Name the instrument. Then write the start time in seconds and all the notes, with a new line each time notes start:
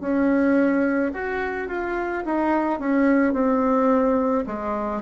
bassoon
0.00 C#4
1.13 F#4
1.68 F4
2.25 D#4
2.79 C#4
3.33 C4
4.46 G#3